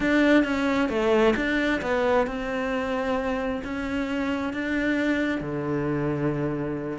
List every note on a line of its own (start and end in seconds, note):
0.00 0.43 D4
0.44 0.89 C#4
0.89 1.34 A3
1.36 1.81 D4
1.81 2.26 B3
2.26 3.62 C4
3.63 4.53 C#4
4.53 5.41 D4
5.41 6.98 D3